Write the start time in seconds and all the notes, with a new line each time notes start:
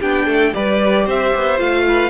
0.00 B3 D4 G4 G5
0.26 A3 A4
0.54 G3 G4 B4 D5
1.05 C4 C5 E5
1.35 B3
1.58 A3 F4 F5
1.88 B4